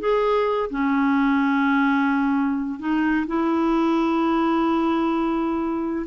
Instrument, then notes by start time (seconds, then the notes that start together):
clarinet
0.00 G#4
0.70 C#4
2.80 D#4
3.27 E4